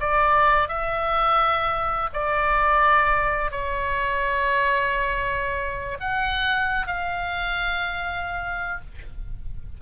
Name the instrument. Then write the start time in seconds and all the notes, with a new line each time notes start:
oboe
0.00 D5
0.69 E5
2.14 D5
3.52 C#5
6.00 F#5
6.87 F5